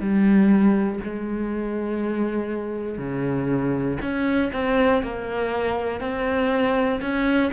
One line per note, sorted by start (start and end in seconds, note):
0.00 1.00 G3
1.03 2.98 G#3
2.98 3.98 C#3
4.02 4.52 C#4
4.52 5.02 C4
5.02 6.00 A#3
6.00 7.00 C4
7.01 7.51 C#4